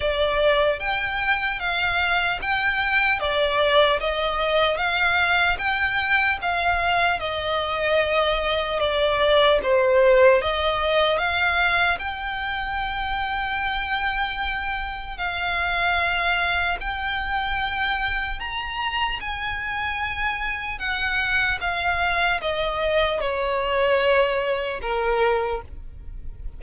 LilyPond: \new Staff \with { instrumentName = "violin" } { \time 4/4 \tempo 4 = 75 d''4 g''4 f''4 g''4 | d''4 dis''4 f''4 g''4 | f''4 dis''2 d''4 | c''4 dis''4 f''4 g''4~ |
g''2. f''4~ | f''4 g''2 ais''4 | gis''2 fis''4 f''4 | dis''4 cis''2 ais'4 | }